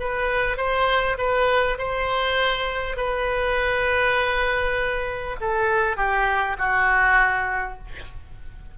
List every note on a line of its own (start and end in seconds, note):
0.00 0.58 B4
0.58 1.18 C5
1.18 1.78 B4
1.78 2.97 C5
2.97 5.37 B4
5.41 5.97 A4
5.97 6.57 G4
6.58 7.78 F#4